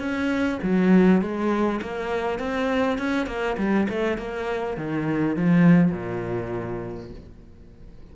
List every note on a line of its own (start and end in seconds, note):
0.00 0.59 C#4
0.63 1.22 F#3
1.22 1.81 G#3
1.82 2.40 A#3
2.40 2.98 C4
2.98 3.27 C#4
3.27 3.57 A#3
3.58 3.88 G3
3.89 4.18 A3
4.18 4.77 A#3
4.77 5.37 D#3
5.37 5.92 F3
5.92 7.11 A#2